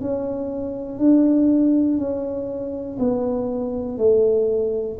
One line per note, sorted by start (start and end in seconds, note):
0.00 0.99 C#4
0.99 1.97 D4
1.97 2.97 C#4
2.99 3.97 B3
3.97 4.97 A3